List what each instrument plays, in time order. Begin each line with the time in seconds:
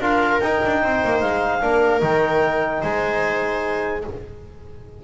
0.00 double bass D4, trombone F4, viola A#4, clarinet F5
0.41 double bass D#4, trombone D#4, clarinet G5
0.66 double bass D4
0.83 double bass C4, viola C5
1.04 double bass A#3
1.21 double bass G#3, clarinet F5
1.61 double bass A#3, trombone D4, viola A#4
2.01 double bass D#3, trombone D#4, clarinet G5
2.82 double bass G#3, viola C5, clarinet G#5